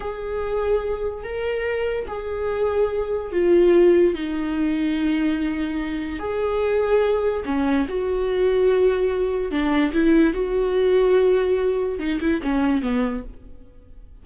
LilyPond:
\new Staff \with { instrumentName = "viola" } { \time 4/4 \tempo 4 = 145 gis'2. ais'4~ | ais'4 gis'2. | f'2 dis'2~ | dis'2. gis'4~ |
gis'2 cis'4 fis'4~ | fis'2. d'4 | e'4 fis'2.~ | fis'4 dis'8 e'8 cis'4 b4 | }